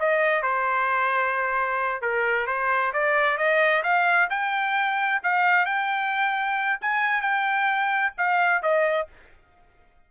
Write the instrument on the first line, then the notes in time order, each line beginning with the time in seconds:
trumpet
0.00 D#5
0.43 C5
2.02 A#4
2.47 C5
2.94 D5
3.38 D#5
3.84 F5
4.31 G5
5.24 F5
5.66 G5
6.82 G#5
7.22 G5
8.18 F5
8.63 D#5